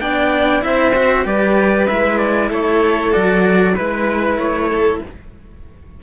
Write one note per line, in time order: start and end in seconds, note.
0.00 0.63 B3
0.00 0.61 D4
0.00 0.63 D5
0.00 0.62 G5
0.61 1.24 C4
0.61 0.92 E4
0.61 1.26 C5
0.61 1.26 E5
0.94 1.25 F#4
1.24 1.87 G3
1.24 1.87 G4
1.24 2.49 B4
1.24 1.87 D5
1.87 2.50 G#3
1.87 3.11 E4
1.87 2.18 E5
2.18 2.49 D5
2.49 3.12 A3
2.49 3.74 A4
2.49 3.12 C#5
3.11 3.78 F#3
3.11 3.74 F#4
3.11 3.74 D5
3.74 4.37 G#3
3.74 5.02 E4
3.74 4.37 B4
3.74 4.69 B4
4.37 4.99 A3
4.37 5.00 C#5
4.69 5.00 A4